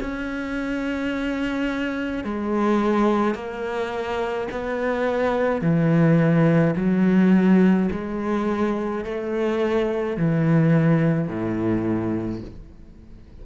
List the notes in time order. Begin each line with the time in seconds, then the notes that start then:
0.00 C#4
2.24 G#3
3.34 A#3
4.51 B3
5.61 E3
6.76 F#3
7.91 G#3
9.04 A3
10.17 E3
11.27 A2